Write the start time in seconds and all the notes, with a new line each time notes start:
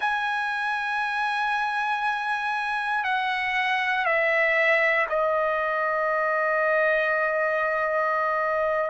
0.00 G#5
3.04 F#5
4.04 E5
5.08 D#5